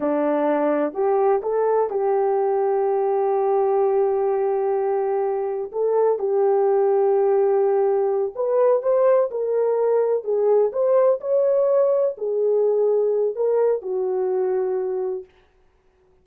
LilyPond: \new Staff \with { instrumentName = "horn" } { \time 4/4 \tempo 4 = 126 d'2 g'4 a'4 | g'1~ | g'1 | a'4 g'2.~ |
g'4. b'4 c''4 ais'8~ | ais'4. gis'4 c''4 cis''8~ | cis''4. gis'2~ gis'8 | ais'4 fis'2. | }